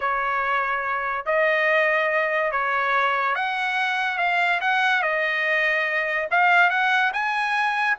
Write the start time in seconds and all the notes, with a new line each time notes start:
0.00 C#5
1.25 D#5
2.51 C#5
3.35 F#5
4.18 F5
4.60 F#5
5.02 D#5
6.31 F5
6.70 F#5
7.13 G#5